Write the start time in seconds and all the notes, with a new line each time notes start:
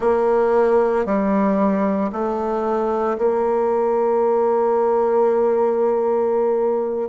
0.00 A#3
1.05 G3
2.12 A3
3.18 A#3